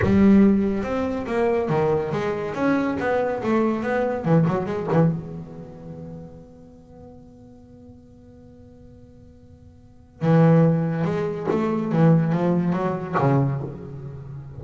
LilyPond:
\new Staff \with { instrumentName = "double bass" } { \time 4/4 \tempo 4 = 141 g2 c'4 ais4 | dis4 gis4 cis'4 b4 | a4 b4 e8 fis8 gis8 e8 | b1~ |
b1~ | b1 | e2 gis4 a4 | e4 f4 fis4 cis4 | }